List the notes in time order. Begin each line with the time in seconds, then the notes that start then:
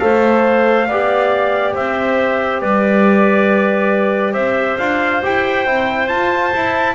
0.00 A3 A4 C5 F5
0.88 B3 G4 D5
1.75 C4 C5 E5
2.61 G3 B4 D5
4.33 C4 C5 E5
4.79 D4 F4 F5
5.23 E4 G4 G5
5.66 C4 E4
6.09 F4 A5
6.52 E4